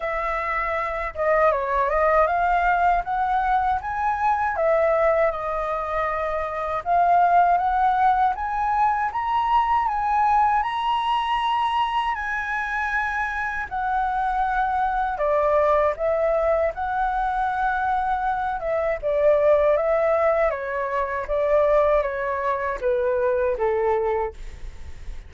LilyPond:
\new Staff \with { instrumentName = "flute" } { \time 4/4 \tempo 4 = 79 e''4. dis''8 cis''8 dis''8 f''4 | fis''4 gis''4 e''4 dis''4~ | dis''4 f''4 fis''4 gis''4 | ais''4 gis''4 ais''2 |
gis''2 fis''2 | d''4 e''4 fis''2~ | fis''8 e''8 d''4 e''4 cis''4 | d''4 cis''4 b'4 a'4 | }